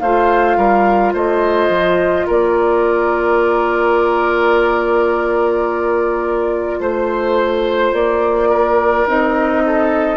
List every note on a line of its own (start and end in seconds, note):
0.00 0.57 A3
0.00 9.08 F4
0.00 0.57 C5
0.00 1.13 F5
0.57 1.14 G3
0.57 1.13 A#4
1.13 1.69 A3
1.13 2.27 C5
1.13 2.28 D#5
1.69 2.26 F3
2.27 6.80 A#3
2.27 6.79 A#4
2.27 6.82 D5
6.80 7.93 A3
6.80 8.49 C5
6.80 7.94 C5
7.93 9.06 A#3
7.93 9.07 D5
8.49 9.62 A#4
9.07 10.17 C4
9.07 10.17 D#4
9.07 10.17 D#5
9.66 10.17 A4